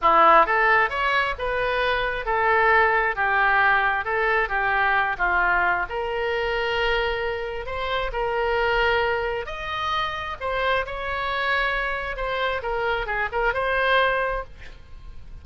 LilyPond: \new Staff \with { instrumentName = "oboe" } { \time 4/4 \tempo 4 = 133 e'4 a'4 cis''4 b'4~ | b'4 a'2 g'4~ | g'4 a'4 g'4. f'8~ | f'4 ais'2.~ |
ais'4 c''4 ais'2~ | ais'4 dis''2 c''4 | cis''2. c''4 | ais'4 gis'8 ais'8 c''2 | }